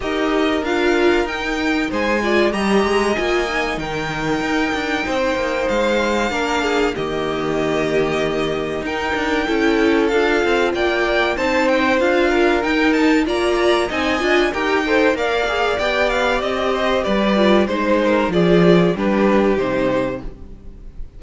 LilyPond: <<
  \new Staff \with { instrumentName = "violin" } { \time 4/4 \tempo 4 = 95 dis''4 f''4 g''4 gis''4 | ais''4 gis''4 g''2~ | g''4 f''2 dis''4~ | dis''2 g''2 |
f''4 g''4 a''8 g''8 f''4 | g''8 a''8 ais''4 gis''4 g''4 | f''4 g''8 f''8 dis''4 d''4 | c''4 d''4 b'4 c''4 | }
  \new Staff \with { instrumentName = "violin" } { \time 4/4 ais'2. c''8 d''8 | dis''2 ais'2 | c''2 ais'8 gis'8 g'4~ | g'2 ais'4 a'4~ |
a'4 d''4 c''4. ais'8~ | ais'4 d''4 dis''4 ais'8 c''8 | d''2~ d''8 c''8 b'4 | c''8 ais'8 gis'4 g'2 | }
  \new Staff \with { instrumentName = "viola" } { \time 4/4 g'4 f'4 dis'4. f'8 | g'4 f'8 dis'2~ dis'8~ | dis'2 d'4 ais4~ | ais2 dis'4 e'4 |
f'2 dis'4 f'4 | dis'4 f'4 dis'8 f'8 g'8 a'8 | ais'8 gis'8 g'2~ g'8 f'8 | dis'4 f'4 d'4 dis'4 | }
  \new Staff \with { instrumentName = "cello" } { \time 4/4 dis'4 d'4 dis'4 gis4 | g8 gis8 ais4 dis4 dis'8 d'8 | c'8 ais8 gis4 ais4 dis4~ | dis2 dis'8 d'8 cis'4 |
d'8 c'8 ais4 c'4 d'4 | dis'4 ais4 c'8 d'8 dis'4 | ais4 b4 c'4 g4 | gis4 f4 g4 c4 | }
>>